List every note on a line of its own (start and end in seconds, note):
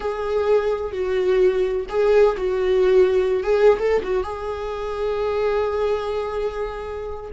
0.00 0.92 G#4
0.92 1.86 F#4
1.89 2.36 G#4
2.37 3.43 F#4
3.43 3.78 G#4
3.78 4.02 A4
4.03 4.23 F#4
4.23 7.30 G#4